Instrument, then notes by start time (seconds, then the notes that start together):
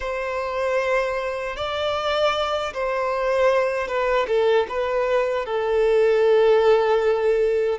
violin
0.00 C5
1.56 D5
2.73 C5
3.87 B4
4.27 A4
4.68 B4
5.45 A4